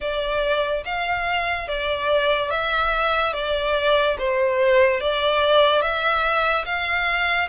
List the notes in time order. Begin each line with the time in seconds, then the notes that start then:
0.00 D5
0.84 F5
1.68 D5
2.50 E5
3.33 D5
4.18 C5
5.00 D5
5.81 E5
6.65 F5